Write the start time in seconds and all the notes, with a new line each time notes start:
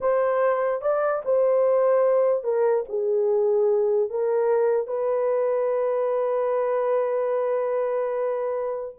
0.00 C5
0.81 D5
1.24 C5
2.43 A#4
2.88 G#4
4.09 A#4
4.87 B4